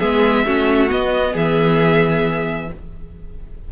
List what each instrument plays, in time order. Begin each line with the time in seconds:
0.00 cello G#3, viola B3, violin G#4 E5
0.46 cello A3, viola C#4, violin F#4
0.89 viola B3, cello B3, violin D#5
1.33 cello E3, violin G#4 E5